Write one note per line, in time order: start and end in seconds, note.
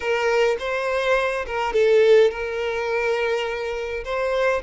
0.00 0.56 A#4
0.59 1.45 C5
1.46 1.73 A#4
1.73 2.31 A4
2.31 4.04 A#4
4.04 4.62 C5